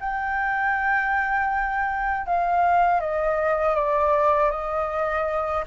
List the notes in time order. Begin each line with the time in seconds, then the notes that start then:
0.00 G5
2.26 F5
3.00 D#5
3.75 D5
4.50 D#5